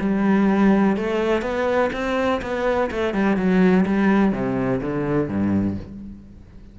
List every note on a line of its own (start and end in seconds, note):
0.00 0.97 G3
0.97 1.42 A3
1.42 1.90 B3
1.93 2.41 C4
2.42 2.90 B3
2.91 3.14 A3
3.14 3.37 G3
3.37 3.85 F#3
3.86 4.32 G3
4.32 4.81 C3
4.82 5.29 D3
5.29 5.77 G2